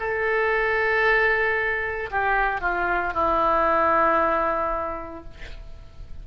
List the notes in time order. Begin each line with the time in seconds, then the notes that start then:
0.00 A4
2.11 G4
2.61 F4
3.14 E4